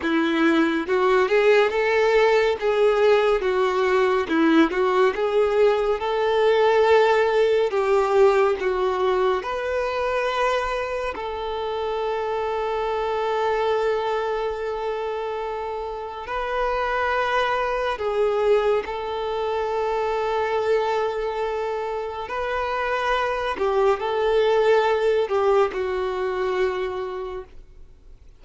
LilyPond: \new Staff \with { instrumentName = "violin" } { \time 4/4 \tempo 4 = 70 e'4 fis'8 gis'8 a'4 gis'4 | fis'4 e'8 fis'8 gis'4 a'4~ | a'4 g'4 fis'4 b'4~ | b'4 a'2.~ |
a'2. b'4~ | b'4 gis'4 a'2~ | a'2 b'4. g'8 | a'4. g'8 fis'2 | }